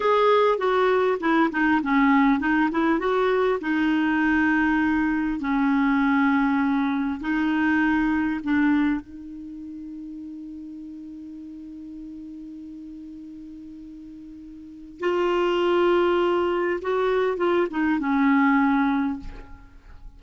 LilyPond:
\new Staff \with { instrumentName = "clarinet" } { \time 4/4 \tempo 4 = 100 gis'4 fis'4 e'8 dis'8 cis'4 | dis'8 e'8 fis'4 dis'2~ | dis'4 cis'2. | dis'2 d'4 dis'4~ |
dis'1~ | dis'1~ | dis'4 f'2. | fis'4 f'8 dis'8 cis'2 | }